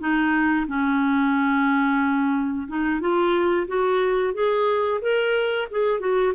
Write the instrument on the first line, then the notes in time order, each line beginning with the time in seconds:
clarinet
0.00 D#4
0.68 C#4
2.68 D#4
3.01 F4
3.68 F#4
4.34 G#4
5.02 A#4
5.72 G#4
6.00 F#4